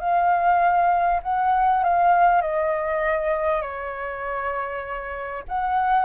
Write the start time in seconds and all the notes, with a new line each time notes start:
0.00 F5
1.23 F#5
1.84 F5
2.42 D#5
3.62 C#5
5.48 F#5